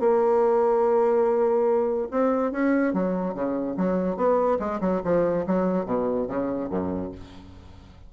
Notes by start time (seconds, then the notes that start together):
0.00 A#3
2.11 C4
2.52 C#4
2.94 F#3
3.35 C#3
3.77 F#3
4.17 B3
4.60 G#3
4.81 F#3
5.05 F3
5.47 F#3
5.86 B2
6.28 C#3
6.70 F#2